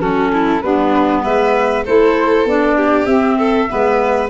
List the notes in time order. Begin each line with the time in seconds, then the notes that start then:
0.00 F#3 C#4 F#4 A4
0.33 E4
0.61 G3 B3 D4 B4
1.23 G#3 B4 E5
1.85 A3 E4 A4 C5
2.45 B3 D4 D5
2.76 G4
3.05 C4 E5
3.38 A4
3.68 G#3 B3 B4